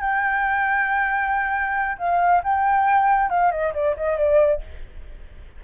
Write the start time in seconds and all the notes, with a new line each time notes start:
0.00 G5
1.98 F5
2.43 G5
3.29 F5
3.51 D#5
3.74 D5
3.96 D#5
4.17 D5